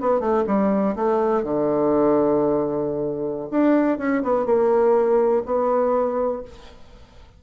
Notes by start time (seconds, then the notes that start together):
0.00 B3
0.20 A3
0.46 G3
0.95 A3
1.43 D3
3.51 D4
3.98 C#4
4.23 B3
4.45 A#3
5.45 B3